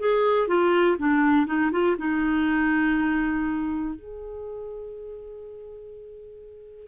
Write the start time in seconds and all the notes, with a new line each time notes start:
0.00 G#4
0.48 F4
0.99 D4
1.47 D#4
1.72 F4
1.99 D#4
3.95 G#4